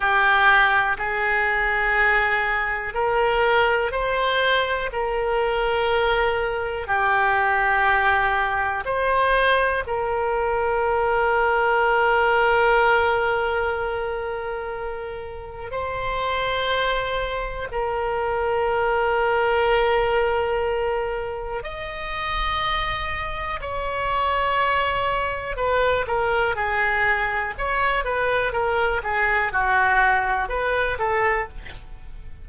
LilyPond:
\new Staff \with { instrumentName = "oboe" } { \time 4/4 \tempo 4 = 61 g'4 gis'2 ais'4 | c''4 ais'2 g'4~ | g'4 c''4 ais'2~ | ais'1 |
c''2 ais'2~ | ais'2 dis''2 | cis''2 b'8 ais'8 gis'4 | cis''8 b'8 ais'8 gis'8 fis'4 b'8 a'8 | }